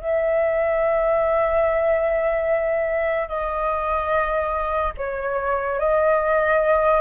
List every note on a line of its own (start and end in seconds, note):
0.00 3.28 E5
3.28 4.92 D#5
4.97 5.79 C#5
5.79 7.00 D#5